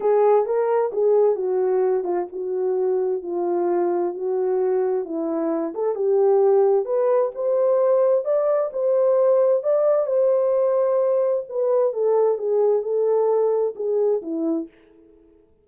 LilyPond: \new Staff \with { instrumentName = "horn" } { \time 4/4 \tempo 4 = 131 gis'4 ais'4 gis'4 fis'4~ | fis'8 f'8 fis'2 f'4~ | f'4 fis'2 e'4~ | e'8 a'8 g'2 b'4 |
c''2 d''4 c''4~ | c''4 d''4 c''2~ | c''4 b'4 a'4 gis'4 | a'2 gis'4 e'4 | }